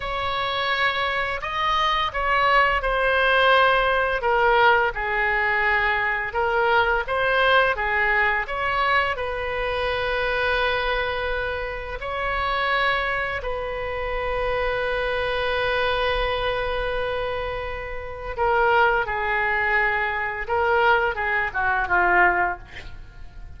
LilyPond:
\new Staff \with { instrumentName = "oboe" } { \time 4/4 \tempo 4 = 85 cis''2 dis''4 cis''4 | c''2 ais'4 gis'4~ | gis'4 ais'4 c''4 gis'4 | cis''4 b'2.~ |
b'4 cis''2 b'4~ | b'1~ | b'2 ais'4 gis'4~ | gis'4 ais'4 gis'8 fis'8 f'4 | }